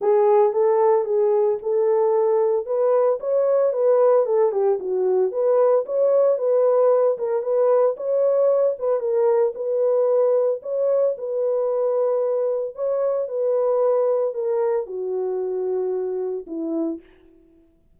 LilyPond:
\new Staff \with { instrumentName = "horn" } { \time 4/4 \tempo 4 = 113 gis'4 a'4 gis'4 a'4~ | a'4 b'4 cis''4 b'4 | a'8 g'8 fis'4 b'4 cis''4 | b'4. ais'8 b'4 cis''4~ |
cis''8 b'8 ais'4 b'2 | cis''4 b'2. | cis''4 b'2 ais'4 | fis'2. e'4 | }